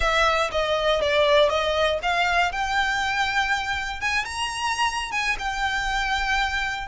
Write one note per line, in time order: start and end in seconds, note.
0.00 0.50 E5
0.51 1.01 D#5
1.01 1.49 D5
1.49 1.99 D#5
2.02 2.52 F5
2.52 4.00 G5
4.00 4.25 G#5
4.25 5.11 A#5
5.11 5.36 G#5
5.38 6.88 G5